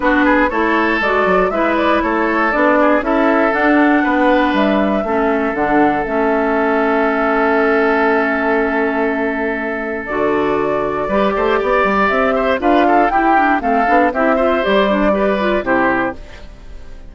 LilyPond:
<<
  \new Staff \with { instrumentName = "flute" } { \time 4/4 \tempo 4 = 119 b'4 cis''4 d''4 e''8 d''8 | cis''4 d''4 e''4 fis''4~ | fis''4 e''2 fis''4 | e''1~ |
e''1 | d''1 | e''4 f''4 g''4 f''4 | e''4 d''2 c''4 | }
  \new Staff \with { instrumentName = "oboe" } { \time 4/4 fis'8 gis'8 a'2 b'4 | a'4. gis'8 a'2 | b'2 a'2~ | a'1~ |
a'1~ | a'2 b'8 c''8 d''4~ | d''8 c''8 b'8 a'8 g'4 a'4 | g'8 c''4. b'4 g'4 | }
  \new Staff \with { instrumentName = "clarinet" } { \time 4/4 d'4 e'4 fis'4 e'4~ | e'4 d'4 e'4 d'4~ | d'2 cis'4 d'4 | cis'1~ |
cis'1 | fis'2 g'2~ | g'4 f'4 e'8 d'8 c'8 d'8 | e'8 f'8 g'8 d'8 g'8 f'8 e'4 | }
  \new Staff \with { instrumentName = "bassoon" } { \time 4/4 b4 a4 gis8 fis8 gis4 | a4 b4 cis'4 d'4 | b4 g4 a4 d4 | a1~ |
a1 | d2 g8 a8 b8 g8 | c'4 d'4 e'4 a8 b8 | c'4 g2 c4 | }
>>